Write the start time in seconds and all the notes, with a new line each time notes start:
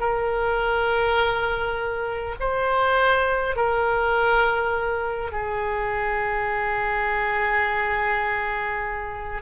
0.00 A#4
2.40 C5
3.56 A#4
5.32 G#4